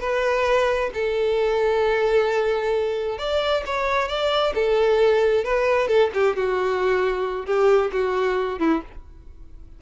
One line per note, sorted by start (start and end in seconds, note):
0.00 0.90 B4
0.94 3.18 A4
3.18 3.63 D5
3.66 4.08 C#5
4.08 4.53 D5
4.55 5.44 A4
5.44 5.88 B4
5.88 6.10 A4
6.14 6.36 G4
6.36 7.46 F#4
7.46 7.91 G4
7.92 8.59 F#4
8.59 8.82 E4